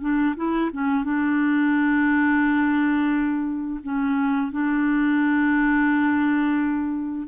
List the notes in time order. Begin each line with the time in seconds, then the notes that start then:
0.00 D4
0.36 E4
0.72 C#4
1.04 D4
3.83 C#4
4.52 D4